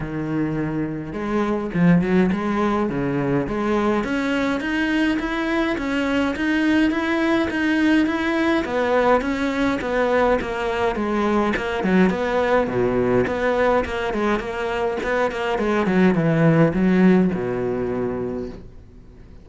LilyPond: \new Staff \with { instrumentName = "cello" } { \time 4/4 \tempo 4 = 104 dis2 gis4 f8 fis8 | gis4 cis4 gis4 cis'4 | dis'4 e'4 cis'4 dis'4 | e'4 dis'4 e'4 b4 |
cis'4 b4 ais4 gis4 | ais8 fis8 b4 b,4 b4 | ais8 gis8 ais4 b8 ais8 gis8 fis8 | e4 fis4 b,2 | }